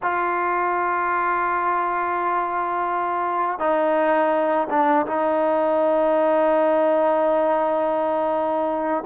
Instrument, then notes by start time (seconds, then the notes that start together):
trombone
0.02 F4
3.59 D#4
4.70 D4
5.06 D#4